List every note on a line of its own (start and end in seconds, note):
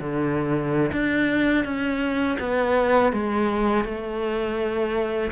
0.00 0.91 D3
0.92 1.64 D4
1.64 2.37 C#4
2.39 3.12 B3
3.12 3.84 G#3
3.84 5.31 A3